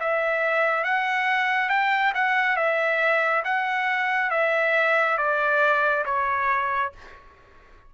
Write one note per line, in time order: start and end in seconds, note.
0.00 0.85 E5
0.85 1.70 F#5
1.70 2.13 G5
2.15 2.57 F#5
2.57 3.43 E5
3.45 4.31 F#5
4.31 5.18 E5
5.18 6.05 D5
6.06 6.92 C#5